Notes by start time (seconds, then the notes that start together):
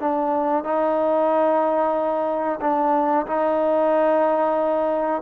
0.00 D4
0.64 D#4
2.61 D4
3.26 D#4